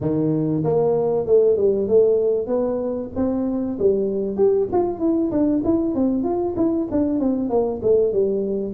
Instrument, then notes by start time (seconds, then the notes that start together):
tuba
0.01 D#3
0.64 A#3
1.26 A3
1.56 G3
1.88 A3
2.46 B3
3.15 C4
3.78 G3
4.37 G4
4.72 F4
4.99 E4
5.31 D4
5.64 E4
5.95 C4
6.23 F4
6.56 E4
6.91 D4
7.19 C4
7.49 A#3
7.82 A3
8.12 G3